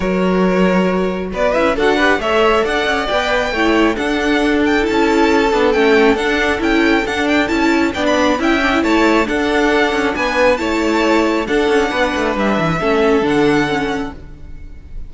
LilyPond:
<<
  \new Staff \with { instrumentName = "violin" } { \time 4/4 \tempo 4 = 136 cis''2. d''8 e''8 | fis''4 e''4 fis''4 g''4~ | g''4 fis''4. g''8 a''4~ | a''4 g''4 fis''4 g''4 |
fis''8 g''8 a''4 g''16 b''8. g''4 | a''4 fis''2 gis''4 | a''2 fis''2 | e''2 fis''2 | }
  \new Staff \with { instrumentName = "violin" } { \time 4/4 ais'2. b'4 | a'8 b'8 cis''4 d''2 | cis''4 a'2.~ | a'1~ |
a'2 d''4 e''4 | cis''4 a'2 b'4 | cis''2 a'4 b'4~ | b'4 a'2. | }
  \new Staff \with { instrumentName = "viola" } { \time 4/4 fis'2.~ fis'8 e'8 | fis'8 g'8 a'2 b'4 | e'4 d'2 e'4~ | e'8 d'8 cis'4 d'4 e'4 |
d'4 e'4 d'4 e'8 d'16 e'16~ | e'4 d'2. | e'2 d'2~ | d'4 cis'4 d'4 cis'4 | }
  \new Staff \with { instrumentName = "cello" } { \time 4/4 fis2. b8 cis'8 | d'4 a4 d'8 cis'8 b4 | a4 d'2 cis'4~ | cis'8 b8 a4 d'4 cis'4 |
d'4 cis'4 b4 cis'4 | a4 d'4. cis'8 b4 | a2 d'8 cis'8 b8 a8 | g8 e8 a4 d2 | }
>>